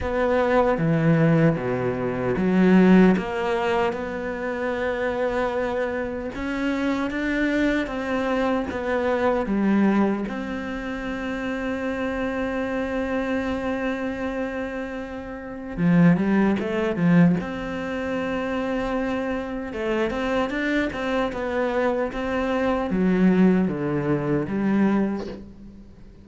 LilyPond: \new Staff \with { instrumentName = "cello" } { \time 4/4 \tempo 4 = 76 b4 e4 b,4 fis4 | ais4 b2. | cis'4 d'4 c'4 b4 | g4 c'2.~ |
c'1 | f8 g8 a8 f8 c'2~ | c'4 a8 c'8 d'8 c'8 b4 | c'4 fis4 d4 g4 | }